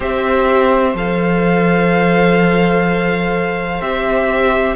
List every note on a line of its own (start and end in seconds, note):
0.00 0.94 C4
0.00 0.93 G4
0.00 4.75 C5
0.00 0.96 E5
0.94 3.80 F3
0.94 3.81 A4
0.94 3.81 F5
3.81 4.76 C4
3.81 4.76 G4
3.81 4.76 E5